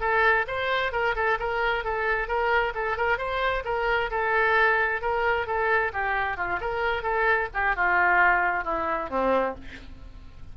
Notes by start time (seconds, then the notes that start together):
0.00 A4
0.47 C5
0.92 A#4
1.15 A4
1.39 A#4
1.84 A4
2.27 A#4
2.74 A4
2.97 A#4
3.18 C5
3.64 A#4
4.11 A4
5.01 A#4
5.46 A4
5.93 G4
6.37 F4
6.60 A#4
7.02 A4
7.54 G4
7.76 F4
8.64 E4
9.10 C4